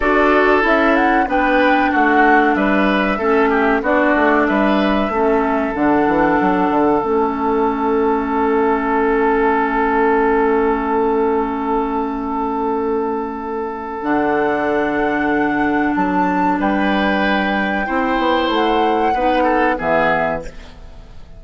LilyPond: <<
  \new Staff \with { instrumentName = "flute" } { \time 4/4 \tempo 4 = 94 d''4 e''8 fis''8 g''4 fis''4 | e''2 d''4 e''4~ | e''4 fis''2 e''4~ | e''1~ |
e''1~ | e''2 fis''2~ | fis''4 a''4 g''2~ | g''4 fis''2 e''4 | }
  \new Staff \with { instrumentName = "oboe" } { \time 4/4 a'2 b'4 fis'4 | b'4 a'8 g'8 fis'4 b'4 | a'1~ | a'1~ |
a'1~ | a'1~ | a'2 b'2 | c''2 b'8 a'8 gis'4 | }
  \new Staff \with { instrumentName = "clarinet" } { \time 4/4 fis'4 e'4 d'2~ | d'4 cis'4 d'2 | cis'4 d'2 cis'4~ | cis'1~ |
cis'1~ | cis'2 d'2~ | d'1 | e'2 dis'4 b4 | }
  \new Staff \with { instrumentName = "bassoon" } { \time 4/4 d'4 cis'4 b4 a4 | g4 a4 b8 a8 g4 | a4 d8 e8 fis8 d8 a4~ | a1~ |
a1~ | a2 d2~ | d4 fis4 g2 | c'8 b8 a4 b4 e4 | }
>>